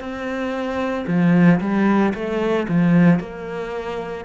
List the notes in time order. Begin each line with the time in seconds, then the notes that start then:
0.00 C4
1.08 F3
1.61 G3
2.14 A3
2.69 F3
3.20 A#3